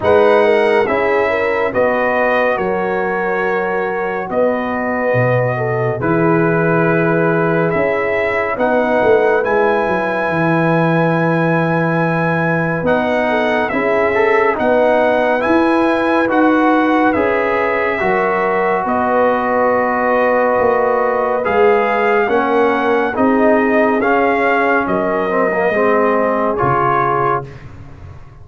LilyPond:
<<
  \new Staff \with { instrumentName = "trumpet" } { \time 4/4 \tempo 4 = 70 fis''4 e''4 dis''4 cis''4~ | cis''4 dis''2 b'4~ | b'4 e''4 fis''4 gis''4~ | gis''2. fis''4 |
e''4 fis''4 gis''4 fis''4 | e''2 dis''2~ | dis''4 f''4 fis''4 dis''4 | f''4 dis''2 cis''4 | }
  \new Staff \with { instrumentName = "horn" } { \time 4/4 b'8 ais'8 gis'8 ais'8 b'4 ais'4~ | ais'4 b'4. a'8 gis'4~ | gis'2 b'2~ | b'2.~ b'8 a'8 |
gis'4 b'2.~ | b'4 ais'4 b'2~ | b'2 ais'4 gis'4~ | gis'4 ais'4 gis'2 | }
  \new Staff \with { instrumentName = "trombone" } { \time 4/4 dis'4 e'4 fis'2~ | fis'2. e'4~ | e'2 dis'4 e'4~ | e'2. dis'4 |
e'8 a'8 dis'4 e'4 fis'4 | gis'4 fis'2.~ | fis'4 gis'4 cis'4 dis'4 | cis'4. c'16 ais16 c'4 f'4 | }
  \new Staff \with { instrumentName = "tuba" } { \time 4/4 gis4 cis'4 b4 fis4~ | fis4 b4 b,4 e4~ | e4 cis'4 b8 a8 gis8 fis8 | e2. b4 |
cis'4 b4 e'4 dis'4 | cis'4 fis4 b2 | ais4 gis4 ais4 c'4 | cis'4 fis4 gis4 cis4 | }
>>